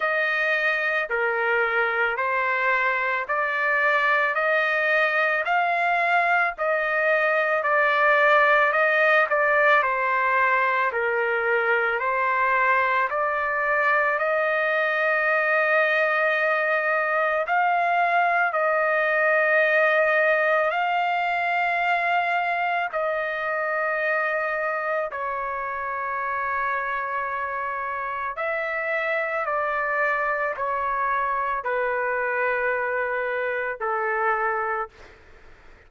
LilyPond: \new Staff \with { instrumentName = "trumpet" } { \time 4/4 \tempo 4 = 55 dis''4 ais'4 c''4 d''4 | dis''4 f''4 dis''4 d''4 | dis''8 d''8 c''4 ais'4 c''4 | d''4 dis''2. |
f''4 dis''2 f''4~ | f''4 dis''2 cis''4~ | cis''2 e''4 d''4 | cis''4 b'2 a'4 | }